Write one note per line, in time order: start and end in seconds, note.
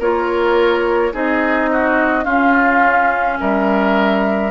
0.00 1.13 A#3
0.00 1.12 F4
0.00 1.13 A#4
0.00 1.14 C#5
1.12 2.25 C4
1.12 2.25 D#4
1.12 1.70 G#4
1.12 2.25 D#5
1.72 2.25 F#4
2.25 4.51 C#4
2.25 3.39 C#4
2.25 3.38 F4
2.25 3.38 F5
3.41 4.51 G3
3.41 4.51 A#4
3.41 4.51 E5